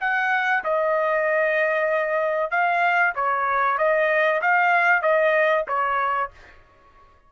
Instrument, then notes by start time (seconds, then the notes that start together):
trumpet
0.00 F#5
0.64 D#5
2.50 F5
3.15 C#5
3.78 D#5
4.41 F5
5.02 D#5
5.67 C#5